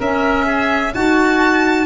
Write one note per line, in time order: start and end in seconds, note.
0.00 0.94 C#4
0.00 0.95 C#4
0.00 0.46 A#4
0.00 0.95 E5
0.46 0.93 G#4
0.95 1.86 D#4
0.95 1.86 F#4
0.95 1.86 A5